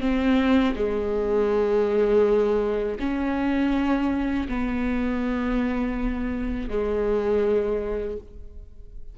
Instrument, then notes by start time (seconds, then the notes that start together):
viola
0.00 C4
0.75 G#3
2.99 C#4
4.48 B3
6.69 G#3